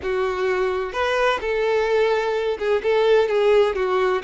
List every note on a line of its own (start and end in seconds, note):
0.02 0.92 F#4
0.92 1.39 B4
1.40 2.58 A4
2.58 2.82 G#4
2.83 3.28 A4
3.28 3.75 G#4
3.75 4.22 F#4